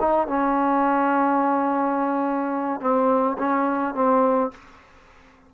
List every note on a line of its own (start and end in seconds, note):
0.00 0.28 D#4
0.28 2.81 C#4
2.81 3.37 C4
3.38 3.95 C#4
3.95 4.52 C4